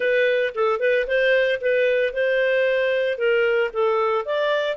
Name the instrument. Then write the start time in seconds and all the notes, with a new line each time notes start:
clarinet
0.00 B4
0.55 A4
0.79 B4
1.07 C5
1.60 B4
2.13 C5
3.17 A#4
3.73 A4
4.25 D5